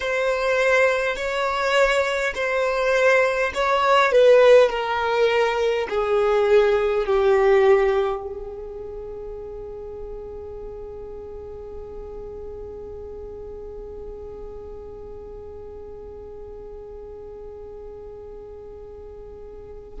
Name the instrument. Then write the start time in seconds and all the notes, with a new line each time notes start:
violin
0.00 C5
1.16 C#5
2.34 C5
3.54 C#5
4.12 B4
4.70 A#4
5.89 G#4
7.06 G4
8.22 G#4